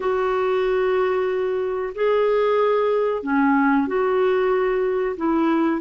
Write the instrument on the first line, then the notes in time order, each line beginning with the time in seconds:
clarinet
0.00 F#4
1.94 G#4
3.23 C#4
3.87 F#4
5.16 E4